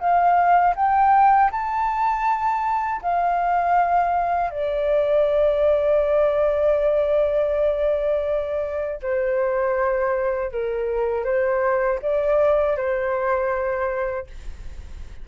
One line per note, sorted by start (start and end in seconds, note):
0.00 0.75 F5
0.76 1.51 G5
1.51 3.01 A5
3.02 4.51 F5
4.51 9.01 D5
9.02 10.52 C5
10.52 11.25 A#4
11.25 12.00 C5
12.02 12.77 D5
12.77 14.27 C5